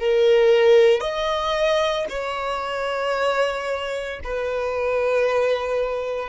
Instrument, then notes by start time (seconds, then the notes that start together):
violin
0.00 A#4
1.01 D#5
2.10 C#5
4.24 B4